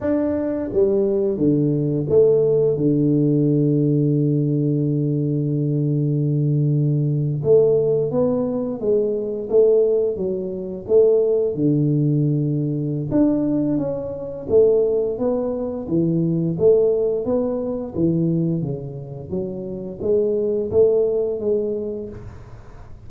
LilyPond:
\new Staff \with { instrumentName = "tuba" } { \time 4/4 \tempo 4 = 87 d'4 g4 d4 a4 | d1~ | d2~ d8. a4 b16~ | b8. gis4 a4 fis4 a16~ |
a8. d2~ d16 d'4 | cis'4 a4 b4 e4 | a4 b4 e4 cis4 | fis4 gis4 a4 gis4 | }